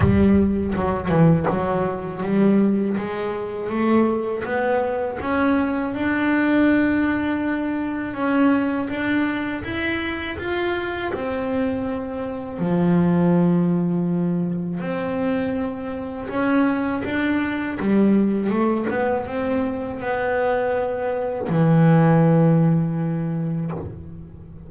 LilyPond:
\new Staff \with { instrumentName = "double bass" } { \time 4/4 \tempo 4 = 81 g4 fis8 e8 fis4 g4 | gis4 a4 b4 cis'4 | d'2. cis'4 | d'4 e'4 f'4 c'4~ |
c'4 f2. | c'2 cis'4 d'4 | g4 a8 b8 c'4 b4~ | b4 e2. | }